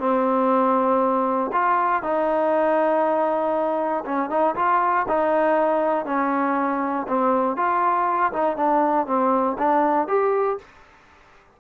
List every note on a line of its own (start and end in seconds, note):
0.00 1.51 C4
1.53 2.03 F4
2.03 4.05 D#4
4.05 4.30 C#4
4.30 4.56 D#4
4.56 5.06 F4
5.09 6.06 D#4
6.06 7.07 C#4
7.08 7.57 C4
7.57 8.33 F4
8.33 8.57 D#4
8.57 9.07 D4
9.07 9.57 C4
9.58 10.08 D4
10.08 10.59 G4